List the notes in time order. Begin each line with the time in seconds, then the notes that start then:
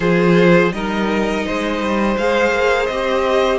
0.00 F3 F4 G#4 C5
0.72 G3 D#4 A#4 D#5
1.46 G#3 C5
1.80 G3
2.17 G#3 G#4 F5
2.52 A#3
2.86 C4 G4 D#5